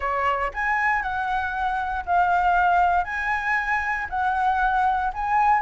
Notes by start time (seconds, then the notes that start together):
0.00 C#5
0.53 G#5
1.02 F#5
2.05 F5
3.04 G#5
4.09 F#5
5.13 G#5